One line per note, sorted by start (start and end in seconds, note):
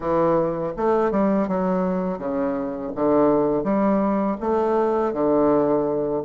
0.00 0.73 E3
0.76 1.11 A3
1.11 1.48 G3
1.48 2.18 F#3
2.18 2.91 C#3
2.95 3.63 D3
3.63 4.36 G3
4.40 5.13 A3
5.13 6.23 D3